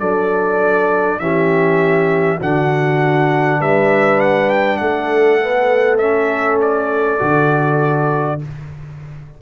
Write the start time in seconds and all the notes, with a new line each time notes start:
0.00 F#3 D4 A4 D5
1.20 E3 C#4 G4 E5
2.40 D3 D4 F#4 F#5
3.61 G3 B4 E5
4.21 F#5
4.50 G5
4.77 A3 A4 F#5
5.41 B3
5.98 C#4 E5
6.62 D5
7.19 D3 F#4